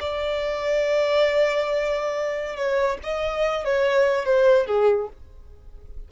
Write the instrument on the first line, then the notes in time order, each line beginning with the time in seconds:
violin
0.00 D5
2.56 C#5
3.03 D#5
3.65 C#5
4.25 C5
4.66 G#4